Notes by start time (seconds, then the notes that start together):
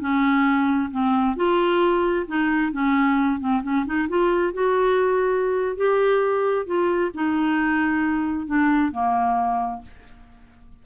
0.00 C#4
0.91 C4
1.36 F4
2.27 D#4
2.72 C#4
3.40 C4
3.63 C#4
3.86 D#4
4.08 F4
4.53 F#4
5.77 G4
6.66 F4
7.14 D#4
8.47 D4
8.92 A#3